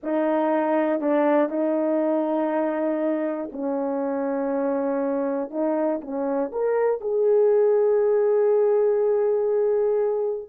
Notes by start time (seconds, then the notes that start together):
0.02 D#4
1.00 D4
1.49 D#4
3.52 C#4
5.50 D#4
6.01 C#4
6.51 A#4
7.00 G#4